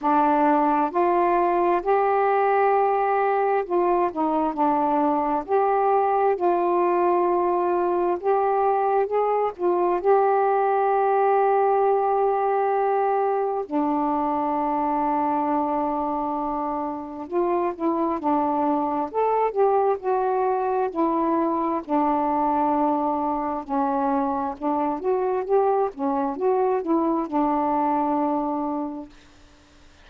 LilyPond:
\new Staff \with { instrumentName = "saxophone" } { \time 4/4 \tempo 4 = 66 d'4 f'4 g'2 | f'8 dis'8 d'4 g'4 f'4~ | f'4 g'4 gis'8 f'8 g'4~ | g'2. d'4~ |
d'2. f'8 e'8 | d'4 a'8 g'8 fis'4 e'4 | d'2 cis'4 d'8 fis'8 | g'8 cis'8 fis'8 e'8 d'2 | }